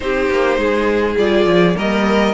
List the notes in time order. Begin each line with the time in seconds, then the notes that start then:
0.00 C4 D#4 G4 C5
0.29 A#3
0.57 G#3 G#4
1.17 G3 F4 D5
1.46 F3
1.74 G3 A#3 A#4 D#5